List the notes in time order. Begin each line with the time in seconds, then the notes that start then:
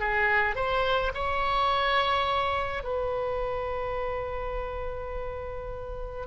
0.00 G#4
0.55 C5
1.14 C#5
2.84 B4